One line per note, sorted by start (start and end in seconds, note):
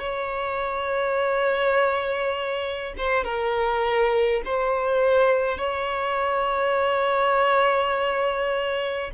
0.00 2.94 C#5
2.97 3.24 C5
3.24 4.42 A#4
4.45 5.58 C5
5.58 9.11 C#5